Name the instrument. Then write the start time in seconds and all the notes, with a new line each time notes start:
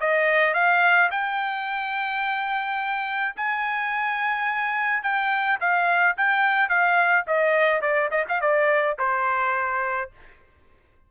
trumpet
0.00 D#5
0.54 F5
1.11 G5
3.36 G#5
5.03 G5
5.60 F5
6.17 G5
6.69 F5
7.27 D#5
7.81 D5
8.11 D#5
8.28 F5
8.41 D5
8.98 C5